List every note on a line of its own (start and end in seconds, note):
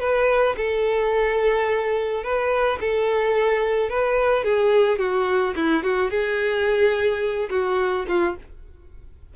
0.00 0.56 B4
0.57 2.23 A4
2.23 2.79 B4
2.80 3.89 A4
3.89 4.44 B4
4.44 4.98 G#4
4.98 5.54 F#4
5.56 5.83 E4
5.83 6.10 F#4
6.10 7.49 G#4
7.50 8.06 F#4
8.08 8.36 F4